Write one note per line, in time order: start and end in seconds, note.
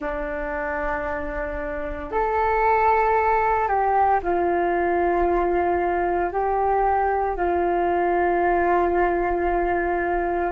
0.00 2.11 D4
2.11 3.67 A4
3.67 4.20 G4
4.22 6.31 F4
6.31 7.36 G4
7.36 10.52 F4